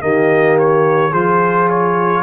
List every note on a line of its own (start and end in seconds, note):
0.00 1.13 D#3
0.00 1.11 A#3
0.00 1.10 G4
0.00 0.57 D#5
0.59 1.13 C#5
1.10 2.23 F3
1.10 2.23 F4
1.10 2.21 G#4
1.10 1.69 C5
1.69 2.23 C#5